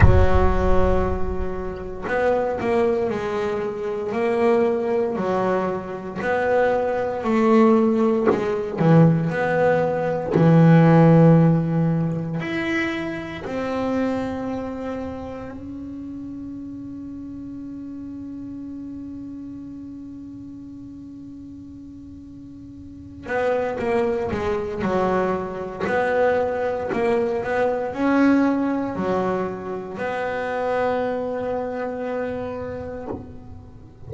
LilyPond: \new Staff \with { instrumentName = "double bass" } { \time 4/4 \tempo 4 = 58 fis2 b8 ais8 gis4 | ais4 fis4 b4 a4 | gis8 e8 b4 e2 | e'4 c'2 cis'4~ |
cis'1~ | cis'2~ cis'8 b8 ais8 gis8 | fis4 b4 ais8 b8 cis'4 | fis4 b2. | }